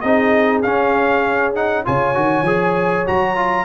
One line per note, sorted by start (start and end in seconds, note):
0.00 0.64 C4
0.00 0.63 D#4
0.00 1.85 G#4
0.00 0.61 D#5
0.62 1.54 C#4
0.62 1.85 C#4
0.62 1.53 F5
1.54 1.84 D#4
1.54 1.85 F#5
1.84 2.16 C#3
1.84 2.14 F4
1.84 3.64 C#5
1.84 3.07 G#5
2.14 2.42 D#3
2.14 2.44 F#4
2.42 3.02 F3
2.42 3.06 G#4
3.06 3.64 F#3
3.06 3.35 F#4
3.06 3.64 A#5
3.35 3.64 F4